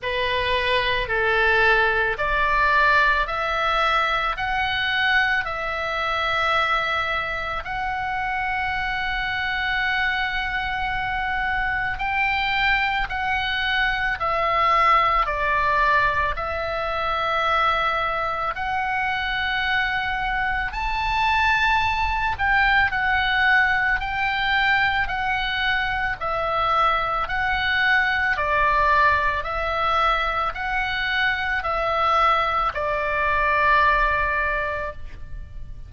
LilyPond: \new Staff \with { instrumentName = "oboe" } { \time 4/4 \tempo 4 = 55 b'4 a'4 d''4 e''4 | fis''4 e''2 fis''4~ | fis''2. g''4 | fis''4 e''4 d''4 e''4~ |
e''4 fis''2 a''4~ | a''8 g''8 fis''4 g''4 fis''4 | e''4 fis''4 d''4 e''4 | fis''4 e''4 d''2 | }